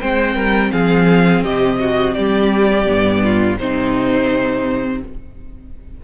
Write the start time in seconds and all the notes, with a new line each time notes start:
0.00 G#3 C4 C5 G5
0.35 G3 A#4
0.72 F3 G#4 F5
1.43 C3 G4 D#5
1.79 F#4
2.13 G3 G4 D5
2.86 G2 B3
3.23 F4
3.58 C3 C4 D#4 C5